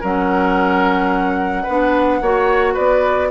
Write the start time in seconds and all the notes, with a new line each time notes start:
0.00 F#3 C#4 A#4 F#5
1.62 B3 D4 B4
2.21 A#3 F#4 C#5
2.73 B3 B4 D5